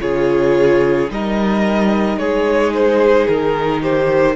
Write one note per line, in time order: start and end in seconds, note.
0.00 1.10 C#3
0.00 1.09 F4
0.00 1.11 G#4
0.00 1.10 C#5
1.10 2.17 G3
1.10 4.36 D#4
1.10 2.20 A#4
1.10 2.19 D#5
2.17 3.27 G#3
2.17 3.82 G#4
2.17 2.73 C#5
2.74 3.28 C5
3.28 4.36 D#3
3.28 3.82 A#4
3.82 4.36 G4
3.82 4.36 C5